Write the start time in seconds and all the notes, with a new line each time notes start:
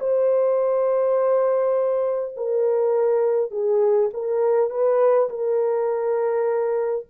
0.00 C5
2.36 A#4
3.51 G#4
4.13 A#4
4.70 B4
5.29 A#4